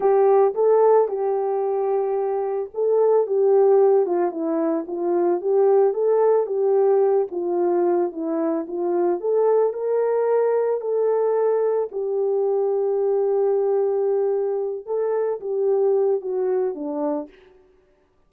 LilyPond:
\new Staff \with { instrumentName = "horn" } { \time 4/4 \tempo 4 = 111 g'4 a'4 g'2~ | g'4 a'4 g'4. f'8 | e'4 f'4 g'4 a'4 | g'4. f'4. e'4 |
f'4 a'4 ais'2 | a'2 g'2~ | g'2.~ g'8 a'8~ | a'8 g'4. fis'4 d'4 | }